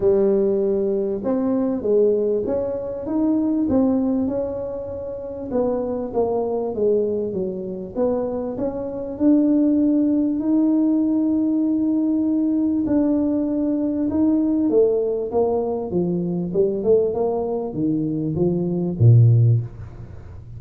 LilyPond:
\new Staff \with { instrumentName = "tuba" } { \time 4/4 \tempo 4 = 98 g2 c'4 gis4 | cis'4 dis'4 c'4 cis'4~ | cis'4 b4 ais4 gis4 | fis4 b4 cis'4 d'4~ |
d'4 dis'2.~ | dis'4 d'2 dis'4 | a4 ais4 f4 g8 a8 | ais4 dis4 f4 ais,4 | }